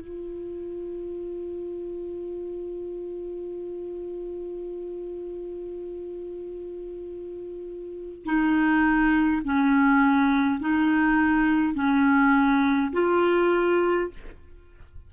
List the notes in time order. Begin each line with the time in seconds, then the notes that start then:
0.00 F4
8.24 D#4
9.44 C#4
10.60 D#4
11.74 C#4
12.92 F4